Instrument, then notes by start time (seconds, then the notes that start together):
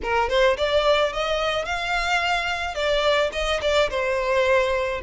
violin
0.02 A#4
0.29 C5
0.57 D5
1.12 D#5
1.65 F5
2.74 D5
3.32 D#5
3.61 D5
3.90 C5